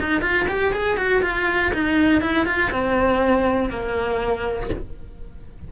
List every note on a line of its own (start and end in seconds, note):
0.00 0.21 D#4
0.21 0.46 F4
0.48 0.73 G4
0.73 0.97 G#4
0.97 1.22 F#4
1.22 1.72 F4
1.73 2.21 D#4
2.21 2.46 E4
2.46 2.71 F4
2.71 3.70 C4
3.70 4.70 A#3